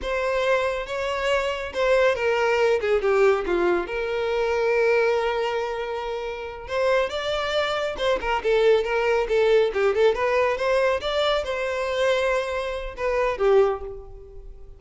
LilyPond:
\new Staff \with { instrumentName = "violin" } { \time 4/4 \tempo 4 = 139 c''2 cis''2 | c''4 ais'4. gis'8 g'4 | f'4 ais'2.~ | ais'2.~ ais'8 c''8~ |
c''8 d''2 c''8 ais'8 a'8~ | a'8 ais'4 a'4 g'8 a'8 b'8~ | b'8 c''4 d''4 c''4.~ | c''2 b'4 g'4 | }